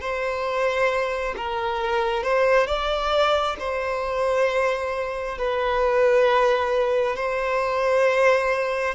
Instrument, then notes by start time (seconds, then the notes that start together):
violin
0.00 C5
1.37 A#4
2.23 C5
2.67 D5
3.59 C5
5.38 B4
7.16 C5